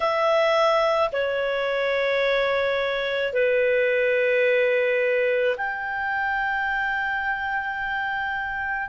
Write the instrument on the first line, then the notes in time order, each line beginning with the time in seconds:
clarinet
0.00 E5
1.12 C#5
3.33 B4
5.57 G5